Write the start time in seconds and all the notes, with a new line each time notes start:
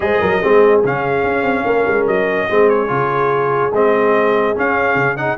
0.00 G#3 G#4 C5 D#5
0.21 F#3 A#4
0.40 G#3 C4 G#4
0.84 C#3 C#4 F5
1.23 C#4
1.41 C4
1.64 A#3 A#4
1.87 G#3
2.07 F#3 D#5
2.49 G#3 C4 G#4
2.69 C#5
2.87 C#3 F4
3.72 G#3 C4 D#5
4.54 C#4 F5
4.95 C#3
5.16 D#4 F#5